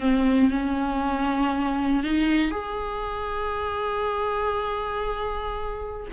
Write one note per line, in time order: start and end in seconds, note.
0.00 0.51 C4
0.51 2.03 C#4
2.03 2.51 D#4
2.51 6.07 G#4